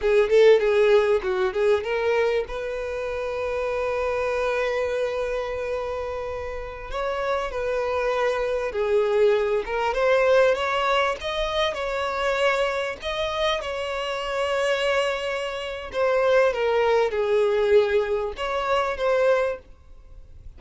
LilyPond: \new Staff \with { instrumentName = "violin" } { \time 4/4 \tempo 4 = 98 gis'8 a'8 gis'4 fis'8 gis'8 ais'4 | b'1~ | b'2.~ b'16 cis''8.~ | cis''16 b'2 gis'4. ais'16~ |
ais'16 c''4 cis''4 dis''4 cis''8.~ | cis''4~ cis''16 dis''4 cis''4.~ cis''16~ | cis''2 c''4 ais'4 | gis'2 cis''4 c''4 | }